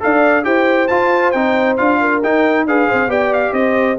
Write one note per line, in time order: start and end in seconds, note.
0.00 0.45 D4
0.00 0.43 A4
0.00 0.46 D5
0.00 0.44 F5
0.43 0.89 E4
0.43 0.87 G4
0.43 2.00 C5
0.43 0.87 G5
0.87 1.34 F4
0.87 1.32 A5
1.32 1.78 C4
1.32 1.78 D#4
1.32 1.76 G5
1.77 2.23 D4
1.77 2.22 F4
1.77 2.21 F5
2.00 2.66 A#4
2.23 2.66 D#4
2.23 2.68 D#4
2.23 2.67 G5
2.66 2.88 D4
2.66 3.08 G#4
2.66 2.88 B4
2.66 3.11 F5
2.88 3.07 C4
2.88 3.10 C5
3.07 3.51 B3
3.07 3.97 G4
3.07 3.54 D5
3.07 3.33 G5
3.33 3.53 F5
3.53 3.97 C4
3.53 3.99 C5
3.53 3.97 D#5